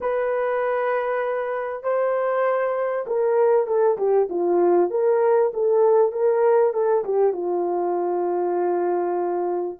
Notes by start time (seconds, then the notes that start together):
0.00 B4
1.83 C5
3.06 A#4
3.66 A4
3.97 G4
4.29 F4
4.90 A#4
5.53 A4
6.12 A#4
6.73 A4
7.04 G4
7.32 F4